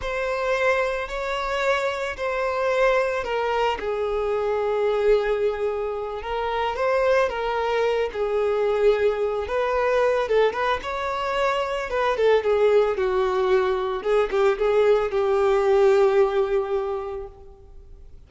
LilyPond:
\new Staff \with { instrumentName = "violin" } { \time 4/4 \tempo 4 = 111 c''2 cis''2 | c''2 ais'4 gis'4~ | gis'2.~ gis'8 ais'8~ | ais'8 c''4 ais'4. gis'4~ |
gis'4. b'4. a'8 b'8 | cis''2 b'8 a'8 gis'4 | fis'2 gis'8 g'8 gis'4 | g'1 | }